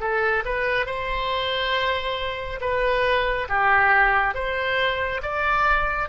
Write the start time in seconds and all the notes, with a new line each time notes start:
0.00 A4
0.45 B4
0.86 C5
2.61 B4
3.49 G4
4.34 C5
5.22 D5